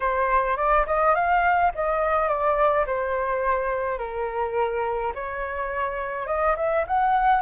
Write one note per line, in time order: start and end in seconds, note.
0.00 0.57 C5
0.57 0.85 D5
0.86 1.15 D#5
1.15 1.72 F5
1.74 2.28 D#5
2.28 2.85 D5
2.86 3.98 C5
3.98 5.12 A#4
5.15 6.26 C#5
6.26 6.55 D#5
6.56 6.85 E5
6.87 7.42 F#5